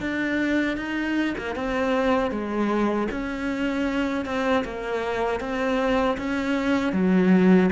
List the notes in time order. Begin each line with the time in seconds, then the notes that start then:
0.00 D4
0.77 D#4
1.37 A#3
1.55 C4
2.31 G#3
3.10 C#4
4.25 C4
4.64 A#3
5.40 C4
6.17 C#4
6.92 F#3